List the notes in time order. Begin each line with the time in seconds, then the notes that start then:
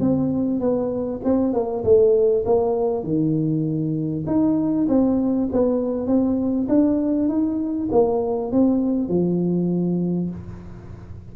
0.00 C4
0.60 B3
1.24 C4
1.53 A#3
1.84 A3
2.45 A#3
3.03 D#3
4.26 D#4
4.88 C4
5.52 B3
6.07 C4
6.69 D4
7.28 D#4
7.91 A#3
8.52 C4
9.08 F3